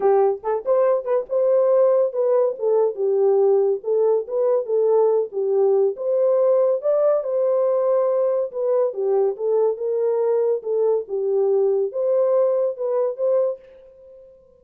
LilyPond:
\new Staff \with { instrumentName = "horn" } { \time 4/4 \tempo 4 = 141 g'4 a'8 c''4 b'8 c''4~ | c''4 b'4 a'4 g'4~ | g'4 a'4 b'4 a'4~ | a'8 g'4. c''2 |
d''4 c''2. | b'4 g'4 a'4 ais'4~ | ais'4 a'4 g'2 | c''2 b'4 c''4 | }